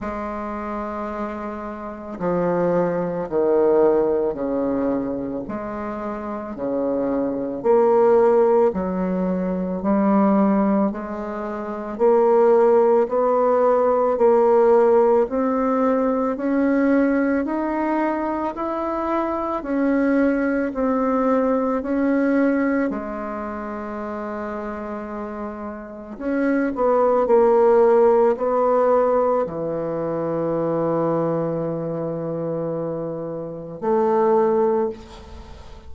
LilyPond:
\new Staff \with { instrumentName = "bassoon" } { \time 4/4 \tempo 4 = 55 gis2 f4 dis4 | cis4 gis4 cis4 ais4 | fis4 g4 gis4 ais4 | b4 ais4 c'4 cis'4 |
dis'4 e'4 cis'4 c'4 | cis'4 gis2. | cis'8 b8 ais4 b4 e4~ | e2. a4 | }